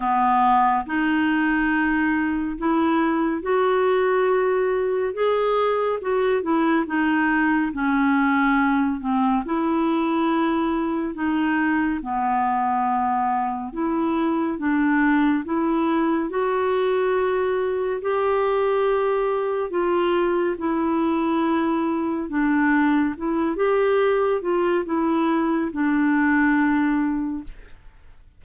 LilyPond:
\new Staff \with { instrumentName = "clarinet" } { \time 4/4 \tempo 4 = 70 b4 dis'2 e'4 | fis'2 gis'4 fis'8 e'8 | dis'4 cis'4. c'8 e'4~ | e'4 dis'4 b2 |
e'4 d'4 e'4 fis'4~ | fis'4 g'2 f'4 | e'2 d'4 e'8 g'8~ | g'8 f'8 e'4 d'2 | }